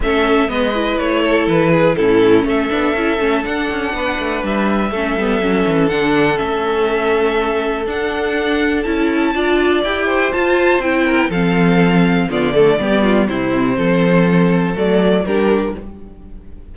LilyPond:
<<
  \new Staff \with { instrumentName = "violin" } { \time 4/4 \tempo 4 = 122 e''4 dis''4 cis''4 b'4 | a'4 e''2 fis''4~ | fis''4 e''2. | fis''4 e''2. |
fis''2 a''2 | g''4 a''4 g''4 f''4~ | f''4 d''2 c''4~ | c''2 d''4 ais'4 | }
  \new Staff \with { instrumentName = "violin" } { \time 4/4 a'4 b'4. a'4 gis'8 | e'4 a'2. | b'2 a'2~ | a'1~ |
a'2. d''4~ | d''8 c''2 ais'8 a'4~ | a'4 f'8 a'8 g'8 f'8 e'4 | a'2. g'4 | }
  \new Staff \with { instrumentName = "viola" } { \time 4/4 cis'4 b8 e'2~ e'8 | cis'4. d'8 e'8 cis'8 d'4~ | d'2 cis'8 b8 cis'4 | d'4 cis'2. |
d'2 e'4 f'4 | g'4 f'4 e'4 c'4~ | c'4 b8 a8 b4 c'4~ | c'2 a4 d'4 | }
  \new Staff \with { instrumentName = "cello" } { \time 4/4 a4 gis4 a4 e4 | a,4 a8 b8 cis'8 a8 d'8 cis'8 | b8 a8 g4 a8 g8 fis8 e8 | d4 a2. |
d'2 cis'4 d'4 | e'4 f'4 c'4 f4~ | f4 d4 g4 c4 | f2 fis4 g4 | }
>>